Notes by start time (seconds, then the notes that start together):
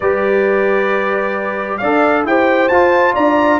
0.00 G3 G4 B4 D5
1.77 D4 A4 D5 F5
2.24 E4 G4 C5 G5
2.68 F4 A5
3.14 D4 D5 A#5